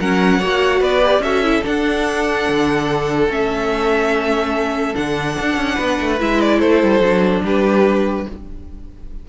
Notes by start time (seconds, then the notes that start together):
0.00 F#3 C#4 A#4 F#5
0.39 A#3 F#4 C#5
0.80 B3 B4 D5
1.02 G4
1.20 C#4 F#4 A4 E5
1.44 E4
1.62 D4 F#5
2.49 D3
3.29 A3 C#4 E5
4.95 D3 D4 F#5
5.39 D4
5.57 C#4
5.75 B3 B4
6.01 A3
6.19 G#3 E4 E5
6.41 D5
6.59 A3 A4 C5
6.83 G3
7.00 F#3 D4
7.44 G3 G4 B4